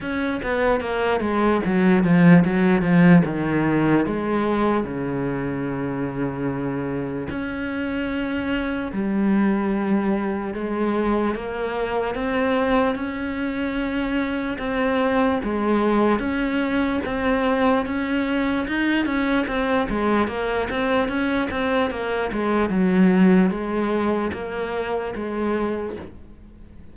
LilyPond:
\new Staff \with { instrumentName = "cello" } { \time 4/4 \tempo 4 = 74 cis'8 b8 ais8 gis8 fis8 f8 fis8 f8 | dis4 gis4 cis2~ | cis4 cis'2 g4~ | g4 gis4 ais4 c'4 |
cis'2 c'4 gis4 | cis'4 c'4 cis'4 dis'8 cis'8 | c'8 gis8 ais8 c'8 cis'8 c'8 ais8 gis8 | fis4 gis4 ais4 gis4 | }